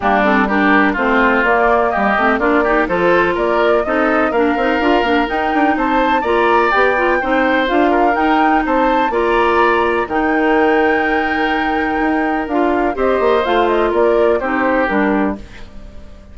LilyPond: <<
  \new Staff \with { instrumentName = "flute" } { \time 4/4 \tempo 4 = 125 g'8 a'8 ais'4 c''4 d''4 | dis''4 d''4 c''4 d''4 | dis''4 f''2 g''4 | a''4 ais''4 g''2 |
f''4 g''4 a''4 ais''4~ | ais''4 g''2.~ | g''2 f''4 dis''4 | f''8 dis''8 d''4 c''4 ais'4 | }
  \new Staff \with { instrumentName = "oboe" } { \time 4/4 d'4 g'4 f'2 | g'4 f'8 g'8 a'4 ais'4 | a'4 ais'2. | c''4 d''2 c''4~ |
c''8 ais'4. c''4 d''4~ | d''4 ais'2.~ | ais'2. c''4~ | c''4 ais'4 g'2 | }
  \new Staff \with { instrumentName = "clarinet" } { \time 4/4 ais8 c'8 d'4 c'4 ais4~ | ais8 c'8 d'8 dis'8 f'2 | dis'4 d'8 dis'8 f'8 d'8 dis'4~ | dis'4 f'4 g'8 f'8 dis'4 |
f'4 dis'2 f'4~ | f'4 dis'2.~ | dis'2 f'4 g'4 | f'2 dis'4 d'4 | }
  \new Staff \with { instrumentName = "bassoon" } { \time 4/4 g2 a4 ais4 | g8 a8 ais4 f4 ais4 | c'4 ais8 c'8 d'8 ais8 dis'8 d'8 | c'4 ais4 b4 c'4 |
d'4 dis'4 c'4 ais4~ | ais4 dis2.~ | dis4 dis'4 d'4 c'8 ais8 | a4 ais4 c'4 g4 | }
>>